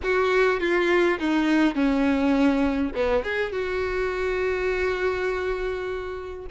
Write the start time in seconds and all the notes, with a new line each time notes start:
0.03 F#4
0.60 F4
1.19 D#4
1.75 C#4
2.95 B3
3.23 G#4
3.52 F#4